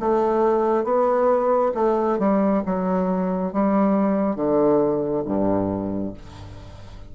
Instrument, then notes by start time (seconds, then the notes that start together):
bassoon
0.00 A3
0.84 B3
1.75 A3
2.19 G3
2.66 F#3
3.53 G3
4.36 D3
5.25 G2